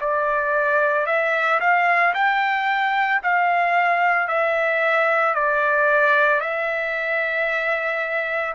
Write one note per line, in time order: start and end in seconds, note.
0.00 1.06 D5
1.06 1.59 E5
1.60 2.13 F5
2.14 3.21 G5
3.22 4.28 F5
4.28 5.34 E5
5.34 6.40 D5
6.40 8.54 E5